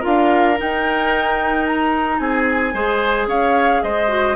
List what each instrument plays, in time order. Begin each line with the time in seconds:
0.00 bassoon D4, clarinet F4, oboe A#4, flute F5
0.58 clarinet D#4, bassoon D#4, flute G5
1.67 flute A#5
2.19 bassoon C4, oboe G#4, flute G#5
2.74 bassoon G#3, clarinet G#4, oboe C5
3.27 bassoon C#4, oboe C#5, flute F5
3.83 bassoon G#3, oboe C5, flute D#5
4.08 clarinet F#4